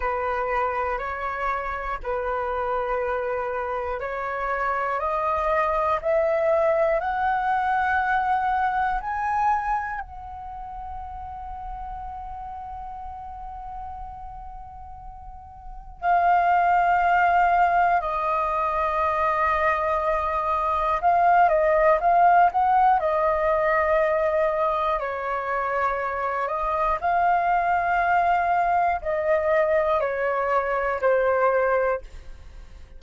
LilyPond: \new Staff \with { instrumentName = "flute" } { \time 4/4 \tempo 4 = 60 b'4 cis''4 b'2 | cis''4 dis''4 e''4 fis''4~ | fis''4 gis''4 fis''2~ | fis''1 |
f''2 dis''2~ | dis''4 f''8 dis''8 f''8 fis''8 dis''4~ | dis''4 cis''4. dis''8 f''4~ | f''4 dis''4 cis''4 c''4 | }